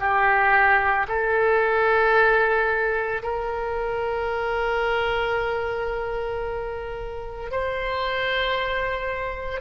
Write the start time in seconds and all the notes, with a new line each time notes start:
0.00 G4
1.08 A4
3.23 A#4
7.51 C5